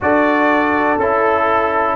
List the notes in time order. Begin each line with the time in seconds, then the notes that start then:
0.00 D4 F#4 A4 D5
0.98 C#4 E4 A4